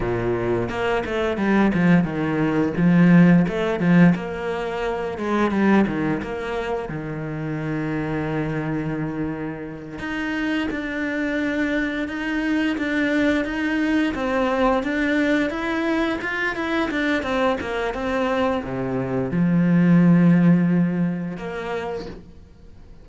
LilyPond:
\new Staff \with { instrumentName = "cello" } { \time 4/4 \tempo 4 = 87 ais,4 ais8 a8 g8 f8 dis4 | f4 a8 f8 ais4. gis8 | g8 dis8 ais4 dis2~ | dis2~ dis8 dis'4 d'8~ |
d'4. dis'4 d'4 dis'8~ | dis'8 c'4 d'4 e'4 f'8 | e'8 d'8 c'8 ais8 c'4 c4 | f2. ais4 | }